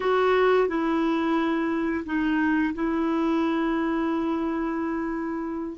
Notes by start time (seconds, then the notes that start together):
0.00 F#4
0.68 E4
2.05 D#4
2.74 E4